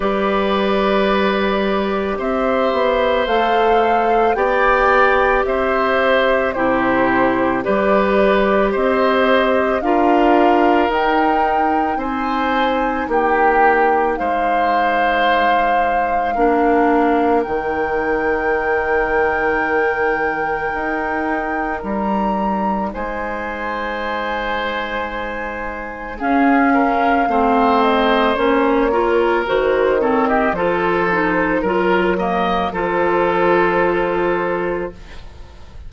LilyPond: <<
  \new Staff \with { instrumentName = "flute" } { \time 4/4 \tempo 4 = 55 d''2 e''4 f''4 | g''4 e''4 c''4 d''4 | dis''4 f''4 g''4 gis''4 | g''4 f''2. |
g''1 | ais''4 gis''2. | f''4. dis''8 cis''4 c''8 cis''16 dis''16 | c''4 ais'4 c''2 | }
  \new Staff \with { instrumentName = "oboe" } { \time 4/4 b'2 c''2 | d''4 c''4 g'4 b'4 | c''4 ais'2 c''4 | g'4 c''2 ais'4~ |
ais'1~ | ais'4 c''2. | gis'8 ais'8 c''4. ais'4 a'16 g'16 | a'4 ais'8 dis''8 a'2 | }
  \new Staff \with { instrumentName = "clarinet" } { \time 4/4 g'2. a'4 | g'2 e'4 g'4~ | g'4 f'4 dis'2~ | dis'2. d'4 |
dis'1~ | dis'1 | cis'4 c'4 cis'8 f'8 fis'8 c'8 | f'8 dis'8 f'8 ais8 f'2 | }
  \new Staff \with { instrumentName = "bassoon" } { \time 4/4 g2 c'8 b8 a4 | b4 c'4 c4 g4 | c'4 d'4 dis'4 c'4 | ais4 gis2 ais4 |
dis2. dis'4 | g4 gis2. | cis'4 a4 ais4 dis4 | f4 fis4 f2 | }
>>